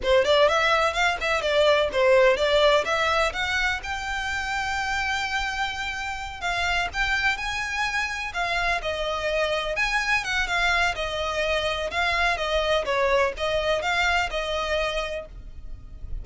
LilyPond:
\new Staff \with { instrumentName = "violin" } { \time 4/4 \tempo 4 = 126 c''8 d''8 e''4 f''8 e''8 d''4 | c''4 d''4 e''4 fis''4 | g''1~ | g''4. f''4 g''4 gis''8~ |
gis''4. f''4 dis''4.~ | dis''8 gis''4 fis''8 f''4 dis''4~ | dis''4 f''4 dis''4 cis''4 | dis''4 f''4 dis''2 | }